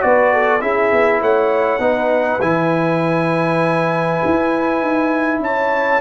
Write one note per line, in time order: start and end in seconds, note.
0.00 0.62 B3
0.00 0.60 F#4
0.00 0.34 B4
0.00 0.61 D5
0.34 0.62 A4
0.61 0.92 C#4
0.61 1.80 E4
0.61 1.22 G#4
0.61 1.21 E5
0.92 1.21 B3
1.21 1.79 A3
1.21 1.81 C#5
1.21 2.41 F#5
1.79 2.39 B3
1.79 2.40 D#4
1.79 5.42 B4
2.41 4.22 E3
2.41 6.01 E4
2.41 5.41 G#5
4.25 4.82 E4
4.82 5.40 D#4
5.40 6.00 C#4
5.40 6.01 C#5
5.40 6.01 A5